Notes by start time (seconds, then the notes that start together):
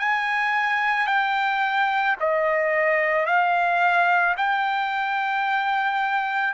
0.00 G#5
1.07 G5
2.20 D#5
3.26 F5
4.38 G5